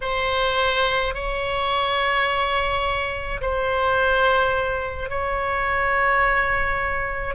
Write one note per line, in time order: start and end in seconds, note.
0.01 1.14 C5
1.14 3.40 C#5
3.41 5.09 C5
5.09 7.34 C#5